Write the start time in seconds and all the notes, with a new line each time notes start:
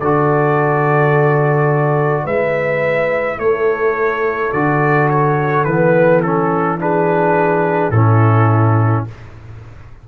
0.00 D3 F#4 A4 D5
2.24 G#3 E4 B4 E5
3.38 A3 A4 C#5
4.52 D3 F#4 D5
5.10 C#5
5.64 E3 B3 B4
6.22 C#4 A4
6.79 D4 G#4 B4
7.91 A2 C#4 E4 A4